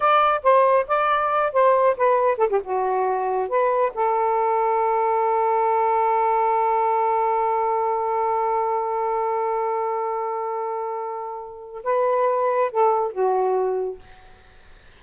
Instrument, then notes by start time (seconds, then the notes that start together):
saxophone
0.00 D5
0.43 C5
0.87 D5
1.52 C5
1.97 B4
2.38 A4
2.49 G4
2.63 F#4
3.48 B4
3.94 A4
11.83 B4
12.71 A4
13.11 F#4